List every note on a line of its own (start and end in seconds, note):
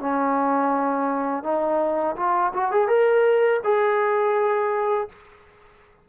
0.00 1.44 C#4
1.44 2.16 D#4
2.16 2.52 F4
2.54 2.72 F#4
2.72 2.88 G#4
2.88 3.60 A#4
3.64 5.08 G#4